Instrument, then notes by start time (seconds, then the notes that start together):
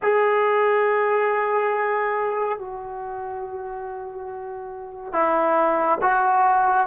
trombone
0.02 G#4
2.58 F#4
5.12 E4
6.01 F#4